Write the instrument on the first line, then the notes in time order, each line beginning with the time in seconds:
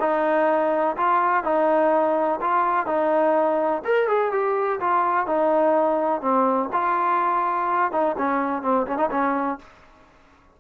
trombone
0.00 D#4
0.97 F4
1.44 D#4
2.41 F4
2.86 D#4
3.85 A#4
4.08 G#4
4.32 G4
4.80 F4
5.27 D#4
6.21 C4
6.73 F4
7.92 D#4
8.18 C#4
8.62 C4
8.86 C#4
8.97 D#4
9.10 C#4